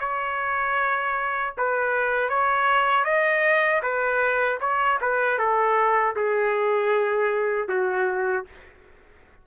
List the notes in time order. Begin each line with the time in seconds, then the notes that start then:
0.00 C#5
1.57 B4
2.29 C#5
3.05 D#5
3.82 B4
4.60 C#5
5.01 B4
5.38 A4
6.16 G#4
7.68 F#4